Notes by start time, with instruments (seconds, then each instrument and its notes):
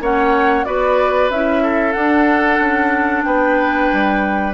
0.00 bassoon A#3, clarinet C#4, oboe C#5, flute F#5
0.64 bassoon B3, clarinet F#4, oboe B4, flute D5
1.30 bassoon C#4, clarinet E4, flute E5
1.63 oboe A4
1.92 clarinet D4, bassoon D4, flute F#5
2.59 bassoon C#4
3.23 bassoon B3, oboe B4, flute G5
3.93 bassoon G3